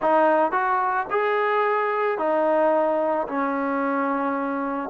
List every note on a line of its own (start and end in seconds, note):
0.01 0.51 D#4
0.51 1.06 F#4
1.10 2.18 G#4
2.18 3.27 D#4
3.27 4.89 C#4